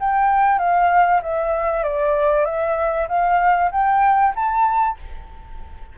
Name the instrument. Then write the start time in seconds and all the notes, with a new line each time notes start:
flute
0.00 G5
0.59 F5
1.23 E5
1.84 D5
2.45 E5
3.09 F5
3.72 G5
4.36 A5